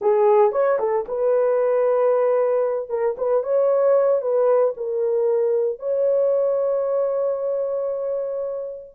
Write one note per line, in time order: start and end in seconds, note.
0.01 0.52 G#4
0.52 0.78 C#5
0.79 1.05 A4
1.08 2.89 B4
2.89 3.15 A#4
3.17 3.43 B4
3.43 4.21 C#5
4.21 4.74 B4
4.76 5.79 A#4
5.79 8.94 C#5